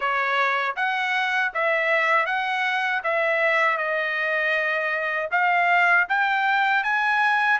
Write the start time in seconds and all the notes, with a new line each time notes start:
0.00 C#5
0.76 F#5
1.54 E5
2.26 F#5
3.03 E5
3.77 D#5
5.31 F5
6.08 G5
6.84 G#5